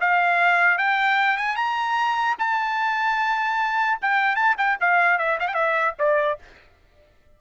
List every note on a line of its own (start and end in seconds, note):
0.00 0.78 F5
0.78 1.37 G5
1.37 1.56 G#5
1.56 2.36 A#5
2.39 3.99 A5
4.01 4.35 G5
4.35 4.55 A5
4.57 4.77 G5
4.80 5.18 F5
5.18 5.38 E5
5.39 5.48 F5
5.48 5.94 E5
5.48 5.54 G5
5.99 6.39 D5